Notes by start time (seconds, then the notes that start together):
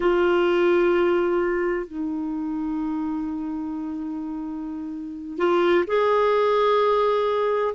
0.00 F4
1.86 D#4
5.37 F4
5.87 G#4